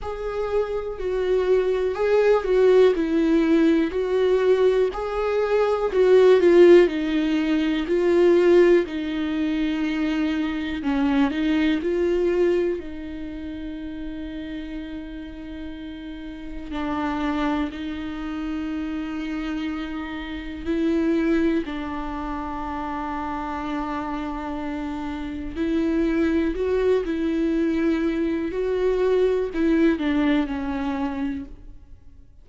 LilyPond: \new Staff \with { instrumentName = "viola" } { \time 4/4 \tempo 4 = 61 gis'4 fis'4 gis'8 fis'8 e'4 | fis'4 gis'4 fis'8 f'8 dis'4 | f'4 dis'2 cis'8 dis'8 | f'4 dis'2.~ |
dis'4 d'4 dis'2~ | dis'4 e'4 d'2~ | d'2 e'4 fis'8 e'8~ | e'4 fis'4 e'8 d'8 cis'4 | }